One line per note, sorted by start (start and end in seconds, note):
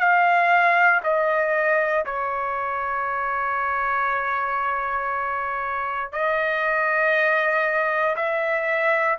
0.00 1.02 F5
1.04 2.06 D#5
2.06 6.12 C#5
6.13 8.16 D#5
8.17 9.18 E5